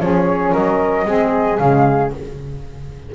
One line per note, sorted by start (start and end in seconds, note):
0.00 0.54 F3
0.00 1.06 C#4
0.00 0.53 G#4
0.00 0.54 C#5
0.53 1.05 F#3
0.53 1.06 A#4
0.53 1.57 D#5
1.05 1.59 G#3
1.05 1.59 C4
1.05 2.15 G#4
1.57 2.13 C#3
1.57 2.13 G#3
1.57 2.11 F5